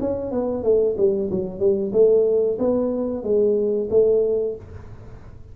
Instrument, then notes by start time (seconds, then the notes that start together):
tuba
0.00 C#4
0.31 B3
0.63 A3
0.97 G3
1.30 F#3
1.59 G3
1.92 A3
2.58 B3
3.23 G#3
3.90 A3